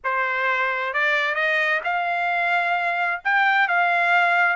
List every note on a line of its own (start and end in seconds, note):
0.04 0.93 C5
0.93 1.34 D5
1.34 1.80 D#5
1.83 3.21 F5
3.24 3.68 G5
3.68 4.56 F5